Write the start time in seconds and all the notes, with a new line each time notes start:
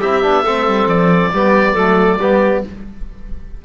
0.00 C4 E4 G4 E5
0.22 B3 D4
0.43 A3 C4 A4
0.67 G3
0.86 F3 D5
1.33 G3 B3 G4
1.73 F#3 A3 A4
2.18 G3 B3 G4